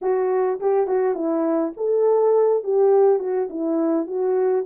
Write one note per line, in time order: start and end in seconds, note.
0.01 0.59 F#4
0.60 0.87 G4
0.87 1.14 F#4
1.14 1.73 E4
1.76 2.63 A4
2.63 3.19 G4
3.19 3.48 F#4
3.50 4.06 E4
4.06 4.65 F#4